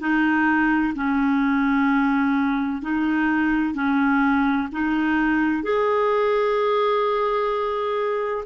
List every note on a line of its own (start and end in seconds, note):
0.00 0.94 D#4
0.95 2.82 C#4
2.82 3.75 D#4
3.75 4.68 C#4
4.72 5.63 D#4
5.63 8.45 G#4